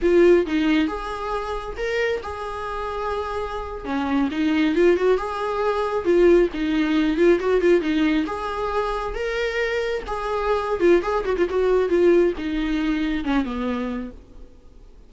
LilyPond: \new Staff \with { instrumentName = "viola" } { \time 4/4 \tempo 4 = 136 f'4 dis'4 gis'2 | ais'4 gis'2.~ | gis'8. cis'4 dis'4 f'8 fis'8 gis'16~ | gis'4.~ gis'16 f'4 dis'4~ dis'16~ |
dis'16 f'8 fis'8 f'8 dis'4 gis'4~ gis'16~ | gis'8. ais'2 gis'4~ gis'16~ | gis'8 f'8 gis'8 fis'16 f'16 fis'4 f'4 | dis'2 cis'8 b4. | }